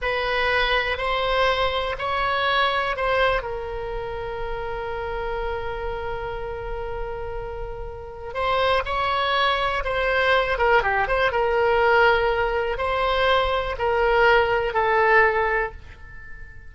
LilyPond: \new Staff \with { instrumentName = "oboe" } { \time 4/4 \tempo 4 = 122 b'2 c''2 | cis''2 c''4 ais'4~ | ais'1~ | ais'1~ |
ais'4 c''4 cis''2 | c''4. ais'8 g'8 c''8 ais'4~ | ais'2 c''2 | ais'2 a'2 | }